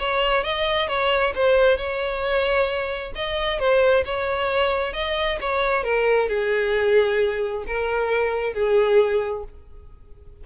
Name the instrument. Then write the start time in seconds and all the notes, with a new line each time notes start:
violin
0.00 C#5
0.44 D#5
0.89 C#5
1.36 C5
1.78 C#5
3.16 D#5
3.60 C5
4.06 C#5
4.94 D#5
5.42 C#5
5.84 A#4
6.30 G#4
7.67 A#4
8.54 G#4